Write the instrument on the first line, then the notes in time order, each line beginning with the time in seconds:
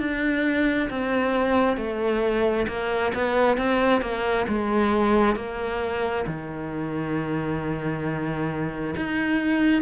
cello
0.00 D4
0.90 C4
1.77 A3
2.68 A#3
3.15 B3
3.58 C4
4.02 A#3
4.49 G#3
5.36 A#3
6.27 D#3
8.97 D#4